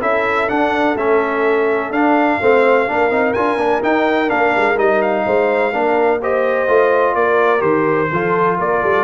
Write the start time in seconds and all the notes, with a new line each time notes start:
0.00 C#4 E4 A4 E5
0.48 D4 F#5
0.95 A3 C#4 E5
1.90 D4 F5
2.40 A3 C4 C5
2.87 A#3 D4 A#4
3.10 C4 D#4
3.33 D4 F4 G#5
3.56 A#3 D4
3.81 D#4 G5
4.27 A#3 D4 F5
4.56 G#3
4.77 G3 D#4 D#5
5.01 F5
5.26 G#3 C5
5.72 A#3 D4 A#4
6.20 G4 C5 D#5
6.68 A3 F4
7.15 A#3 A#4 D5
7.59 D#3 G4 C5
8.11 F3 F4 A4
8.58 A#3 A#4 D5
8.82 G3 A4